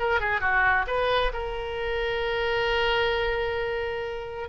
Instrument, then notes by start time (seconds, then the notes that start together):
oboe
0.00 A#4
0.21 G#4
0.41 F#4
0.88 B4
1.33 A#4